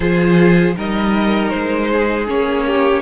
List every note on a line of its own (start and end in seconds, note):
0.00 0.75 F3
0.00 0.75 F4
0.00 0.74 G#4
0.00 0.76 C5
0.75 1.53 G3
0.75 2.26 D#4
0.75 1.90 A#4
0.75 1.49 D#5
1.49 2.28 G#3
1.49 2.25 C5
1.93 2.66 G#4
2.26 3.02 A#3
2.26 3.02 C#4
2.26 3.02 C#5
2.66 3.02 G4